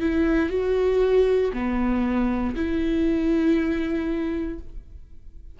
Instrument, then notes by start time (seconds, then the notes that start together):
viola
0.00 E4
0.49 F#4
1.53 B3
2.55 E4